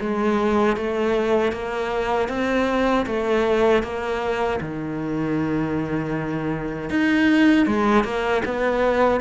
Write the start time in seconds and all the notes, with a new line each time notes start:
0.00 G#3
0.77 A3
1.52 A#3
2.29 C4
3.06 A3
3.83 A#3
4.60 D#3
6.90 D#4
7.66 G#3
8.04 A#3
8.45 B3